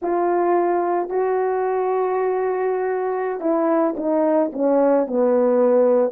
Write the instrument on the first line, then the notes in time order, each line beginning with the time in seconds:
horn
0.01 F4
1.09 F#4
3.40 E4
3.96 D#4
4.52 C#4
5.06 B3